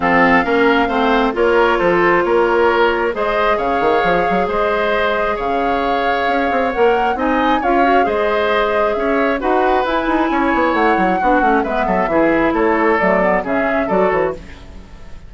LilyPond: <<
  \new Staff \with { instrumentName = "flute" } { \time 4/4 \tempo 4 = 134 f''2. cis''4 | c''4 cis''2 dis''4 | f''2 dis''2 | f''2. fis''4 |
gis''4 f''4 dis''2 | e''4 fis''4 gis''2 | fis''2 e''2 | cis''4 d''4 e''4 d''8 cis''8 | }
  \new Staff \with { instrumentName = "oboe" } { \time 4/4 a'4 ais'4 c''4 ais'4 | a'4 ais'2 c''4 | cis''2 c''2 | cis''1 |
dis''4 cis''4 c''2 | cis''4 b'2 cis''4~ | cis''4 fis'4 b'8 a'8 gis'4 | a'2 gis'4 a'4 | }
  \new Staff \with { instrumentName = "clarinet" } { \time 4/4 c'4 cis'4 c'4 f'4~ | f'2. gis'4~ | gis'1~ | gis'2. ais'4 |
dis'4 f'8 fis'8 gis'2~ | gis'4 fis'4 e'2~ | e'4 d'8 cis'8 b4 e'4~ | e'4 a8 b8 cis'4 fis'4 | }
  \new Staff \with { instrumentName = "bassoon" } { \time 4/4 f4 ais4 a4 ais4 | f4 ais2 gis4 | cis8 dis8 f8 fis8 gis2 | cis2 cis'8 c'8 ais4 |
c'4 cis'4 gis2 | cis'4 dis'4 e'8 dis'8 cis'8 b8 | a8 fis8 b8 a8 gis8 fis8 e4 | a4 fis4 cis4 fis8 e8 | }
>>